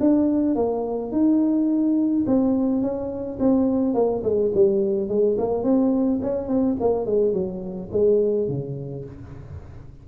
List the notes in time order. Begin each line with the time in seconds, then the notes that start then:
0.00 D4
0.55 A#3
1.12 D#4
2.26 C4
2.82 C#4
3.39 C4
3.94 A#3
4.23 G#3
4.54 G3
5.09 G#3
5.38 A#3
5.63 C4
6.22 C#4
6.48 C4
6.80 A#3
7.05 G#3
7.33 F#3
7.92 G#3
8.48 C#3